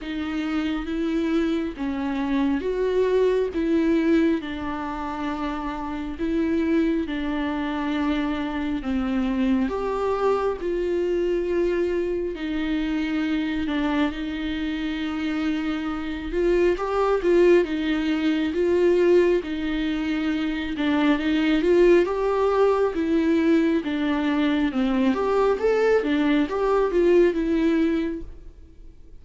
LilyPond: \new Staff \with { instrumentName = "viola" } { \time 4/4 \tempo 4 = 68 dis'4 e'4 cis'4 fis'4 | e'4 d'2 e'4 | d'2 c'4 g'4 | f'2 dis'4. d'8 |
dis'2~ dis'8 f'8 g'8 f'8 | dis'4 f'4 dis'4. d'8 | dis'8 f'8 g'4 e'4 d'4 | c'8 g'8 a'8 d'8 g'8 f'8 e'4 | }